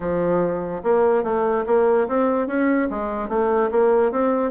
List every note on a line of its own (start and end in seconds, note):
0.00 0.82 F3
0.83 1.23 A#3
1.23 1.64 A3
1.66 2.07 A#3
2.08 2.47 C4
2.47 2.88 C#4
2.90 3.29 G#3
3.29 3.70 A3
3.71 4.11 A#3
4.11 4.51 C4